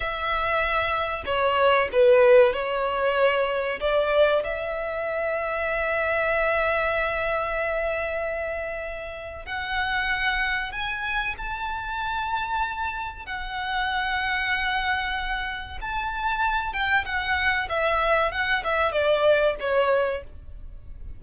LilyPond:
\new Staff \with { instrumentName = "violin" } { \time 4/4 \tempo 4 = 95 e''2 cis''4 b'4 | cis''2 d''4 e''4~ | e''1~ | e''2. fis''4~ |
fis''4 gis''4 a''2~ | a''4 fis''2.~ | fis''4 a''4. g''8 fis''4 | e''4 fis''8 e''8 d''4 cis''4 | }